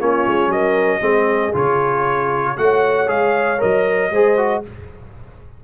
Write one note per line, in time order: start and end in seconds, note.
0.00 0.27 A#3
0.00 1.01 C#4
0.00 0.52 F4
0.00 0.52 C#5
0.28 0.48 G#3
0.48 0.99 F#3
0.48 1.00 A#4
0.48 1.55 D#5
1.00 1.54 G#3
1.00 1.53 C4
1.00 2.55 G#4
1.54 2.58 C#3
1.54 2.57 F4
1.54 2.58 C#5
2.58 3.10 A3
2.58 3.07 F#4
2.58 4.13 C#5
2.58 3.09 F#5
3.07 3.62 G#3
3.07 3.59 G#4
3.07 3.61 F5
3.59 4.11 F#3
3.59 4.10 A#4
3.59 4.65 D#5
4.11 4.63 G#3
4.11 4.38 G#4
4.11 4.64 C5
4.38 4.64 F#4